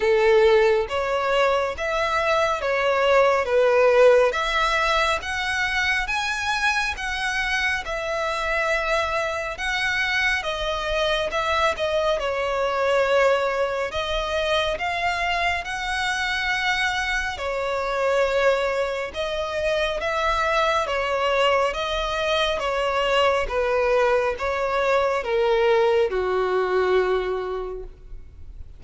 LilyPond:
\new Staff \with { instrumentName = "violin" } { \time 4/4 \tempo 4 = 69 a'4 cis''4 e''4 cis''4 | b'4 e''4 fis''4 gis''4 | fis''4 e''2 fis''4 | dis''4 e''8 dis''8 cis''2 |
dis''4 f''4 fis''2 | cis''2 dis''4 e''4 | cis''4 dis''4 cis''4 b'4 | cis''4 ais'4 fis'2 | }